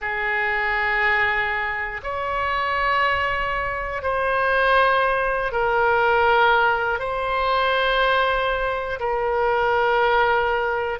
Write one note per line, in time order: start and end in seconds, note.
0.01 2.01 G#4
2.03 4.02 C#5
4.02 5.51 C5
5.51 6.99 A#4
6.99 8.99 C5
9.00 10.99 A#4